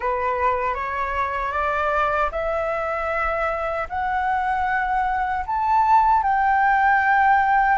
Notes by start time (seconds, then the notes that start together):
0.00 B4
0.74 C#5
1.52 D5
2.31 E5
3.89 F#5
5.46 A5
6.22 G5